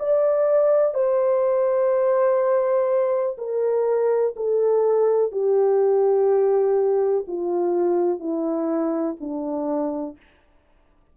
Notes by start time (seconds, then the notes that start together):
0.00 D5
0.95 C5
3.38 A#4
4.36 A4
5.32 G4
7.28 F4
8.20 E4
9.20 D4